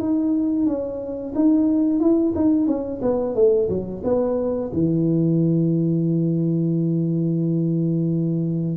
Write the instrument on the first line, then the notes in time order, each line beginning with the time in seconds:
tuba
0.00 D#4
0.66 C#4
1.35 D#4
2.00 E4
2.36 D#4
2.67 C#4
3.02 B3
3.35 A3
3.69 F#3
4.04 B3
4.73 E3